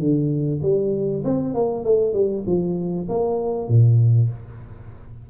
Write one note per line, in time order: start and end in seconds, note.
0.00 0.61 D3
0.63 1.24 G3
1.25 1.55 C4
1.55 1.85 A#3
1.85 2.14 A3
2.14 2.44 G3
2.47 3.08 F3
3.09 3.69 A#3
3.69 4.30 A#2